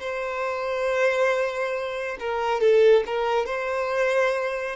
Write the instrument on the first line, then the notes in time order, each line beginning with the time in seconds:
violin
0.00 C5
2.20 A#4
2.60 A4
3.06 A#4
3.46 C5